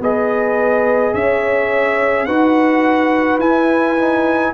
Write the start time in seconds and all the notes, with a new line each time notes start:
0.00 B3 G#4 B4 D#5
1.14 C#4 C#5 E5
2.26 D#4 F#4 B4 F#5
3.39 E4 G#5
3.98 D#4